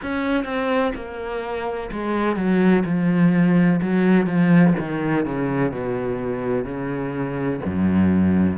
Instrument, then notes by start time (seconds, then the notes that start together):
cello
0.02 C#4
0.44 C4
0.95 A#3
1.92 G#3
2.35 F#3
2.85 F3
3.81 F#3
4.26 F3
4.79 D#3
5.25 C#3
5.71 B2
6.65 C#3
7.65 F#2